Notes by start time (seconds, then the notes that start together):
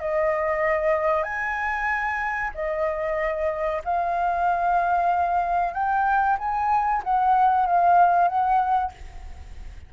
0.00 D#5
1.23 G#5
2.54 D#5
3.84 F5
5.73 G5
6.38 G#5
7.03 F#5
7.66 F5
8.28 F#5